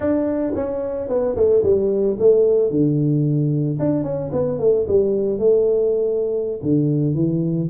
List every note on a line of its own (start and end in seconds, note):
0.00 0.53 D4
0.55 1.08 C#4
1.08 1.35 B3
1.35 1.62 A3
1.63 2.17 G3
2.19 2.70 A3
2.70 3.78 D3
3.79 4.03 D4
4.03 4.30 C#4
4.31 4.58 B3
4.58 4.86 A3
4.87 5.38 G3
5.38 6.60 A3
6.62 7.14 D3
7.14 7.68 E3